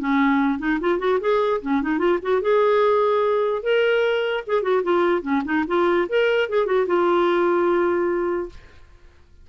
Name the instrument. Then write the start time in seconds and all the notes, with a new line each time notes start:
clarinet
0.00 C#4
0.60 D#4
0.81 F4
1.00 F#4
1.21 G#4
1.62 C#4
1.83 D#4
1.99 F4
2.22 F#4
2.42 G#4
3.64 A#4
4.47 G#4
4.63 F#4
4.84 F4
5.23 C#4
5.45 D#4
5.68 F4
6.10 A#4
6.50 G#4
6.67 F#4
6.88 F4